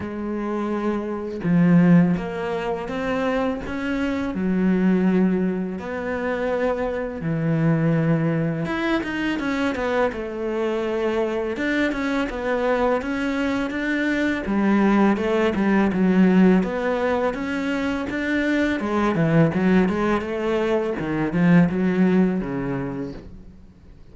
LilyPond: \new Staff \with { instrumentName = "cello" } { \time 4/4 \tempo 4 = 83 gis2 f4 ais4 | c'4 cis'4 fis2 | b2 e2 | e'8 dis'8 cis'8 b8 a2 |
d'8 cis'8 b4 cis'4 d'4 | g4 a8 g8 fis4 b4 | cis'4 d'4 gis8 e8 fis8 gis8 | a4 dis8 f8 fis4 cis4 | }